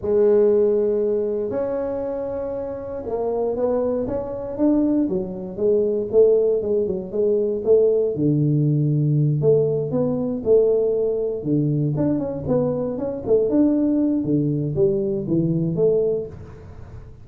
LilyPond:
\new Staff \with { instrumentName = "tuba" } { \time 4/4 \tempo 4 = 118 gis2. cis'4~ | cis'2 ais4 b4 | cis'4 d'4 fis4 gis4 | a4 gis8 fis8 gis4 a4 |
d2~ d8 a4 b8~ | b8 a2 d4 d'8 | cis'8 b4 cis'8 a8 d'4. | d4 g4 e4 a4 | }